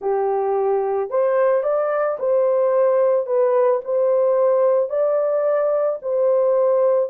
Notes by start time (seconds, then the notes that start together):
0.01 G4
1.10 C5
1.63 D5
2.19 C5
3.26 B4
3.84 C5
4.89 D5
6.01 C5